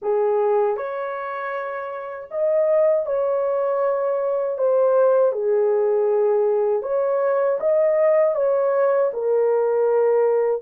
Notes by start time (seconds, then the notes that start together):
0.02 G#4
0.76 C#5
2.30 D#5
3.06 C#5
4.57 C5
5.32 G#4
6.82 C#5
7.59 D#5
8.35 C#5
9.13 A#4